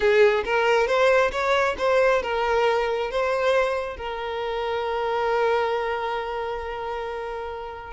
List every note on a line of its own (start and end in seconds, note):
0.00 0.44 G#4
0.44 0.87 A#4
0.87 1.31 C5
1.31 1.75 C#5
1.78 2.22 C5
2.22 3.10 A#4
3.10 3.97 C5
3.97 7.93 A#4